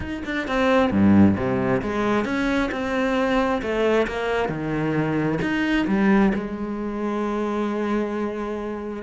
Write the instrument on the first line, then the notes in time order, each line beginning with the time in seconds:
cello
0.00 D#4
0.25 D4
0.47 C4
0.90 G2
1.36 C3
1.81 G#3
2.24 C#4
2.71 C4
3.62 A3
4.07 A#3
4.48 D#3
5.41 D#4
5.87 G3
6.34 G#3